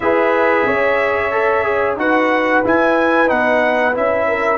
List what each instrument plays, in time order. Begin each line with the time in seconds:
0.00 tuba E4, trombone G#4, horn B4, trumpet E5
0.66 tuba C#4, horn C#5
1.31 trombone A4
1.64 trombone G#4
1.96 tuba D#4, trombone F#4, horn B4, trumpet F#5
2.64 tuba E4, trombone E4, trumpet G#5
3.27 tuba B3, trombone D#4, trumpet F#5
3.93 tuba C#4, trombone E4, trumpet E5
4.28 horn A#4